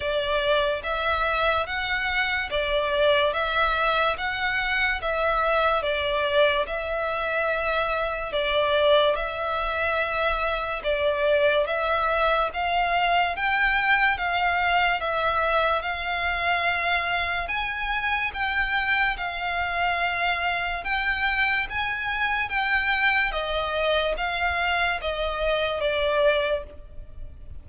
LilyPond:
\new Staff \with { instrumentName = "violin" } { \time 4/4 \tempo 4 = 72 d''4 e''4 fis''4 d''4 | e''4 fis''4 e''4 d''4 | e''2 d''4 e''4~ | e''4 d''4 e''4 f''4 |
g''4 f''4 e''4 f''4~ | f''4 gis''4 g''4 f''4~ | f''4 g''4 gis''4 g''4 | dis''4 f''4 dis''4 d''4 | }